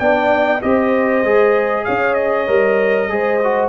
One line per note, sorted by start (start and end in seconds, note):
0.00 0.62 B3
0.00 0.62 D4
0.00 0.62 D5
0.00 0.62 G5
0.62 1.24 C4
0.62 1.24 G4
0.62 1.86 C5
0.62 1.85 D#5
1.24 1.86 G#3
1.24 2.48 G#4
1.85 2.49 C#4
1.85 3.10 C#5
1.85 2.14 F5
2.14 3.69 D#5
2.48 3.10 G3
2.48 3.09 A#4
3.09 3.69 G#3
3.09 3.40 G#4
3.09 3.69 C5
3.44 3.69 F#4